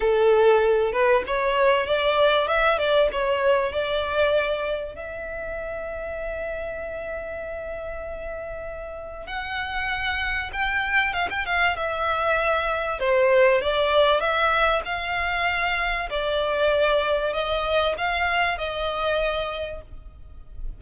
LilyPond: \new Staff \with { instrumentName = "violin" } { \time 4/4 \tempo 4 = 97 a'4. b'8 cis''4 d''4 | e''8 d''8 cis''4 d''2 | e''1~ | e''2. fis''4~ |
fis''4 g''4 f''16 g''16 f''8 e''4~ | e''4 c''4 d''4 e''4 | f''2 d''2 | dis''4 f''4 dis''2 | }